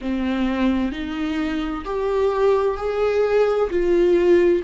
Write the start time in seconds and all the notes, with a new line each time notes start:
0.01 C4
0.91 D#4
1.85 G4
2.77 G#4
3.70 F4